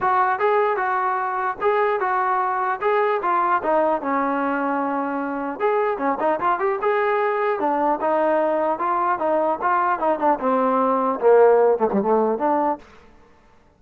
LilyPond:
\new Staff \with { instrumentName = "trombone" } { \time 4/4 \tempo 4 = 150 fis'4 gis'4 fis'2 | gis'4 fis'2 gis'4 | f'4 dis'4 cis'2~ | cis'2 gis'4 cis'8 dis'8 |
f'8 g'8 gis'2 d'4 | dis'2 f'4 dis'4 | f'4 dis'8 d'8 c'2 | ais4. a16 g16 a4 d'4 | }